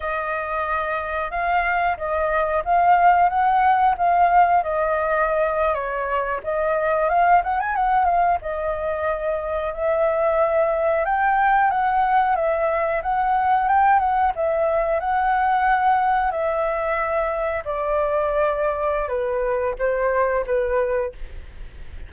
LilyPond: \new Staff \with { instrumentName = "flute" } { \time 4/4 \tempo 4 = 91 dis''2 f''4 dis''4 | f''4 fis''4 f''4 dis''4~ | dis''8. cis''4 dis''4 f''8 fis''16 gis''16 fis''16~ | fis''16 f''8 dis''2 e''4~ e''16~ |
e''8. g''4 fis''4 e''4 fis''16~ | fis''8. g''8 fis''8 e''4 fis''4~ fis''16~ | fis''8. e''2 d''4~ d''16~ | d''4 b'4 c''4 b'4 | }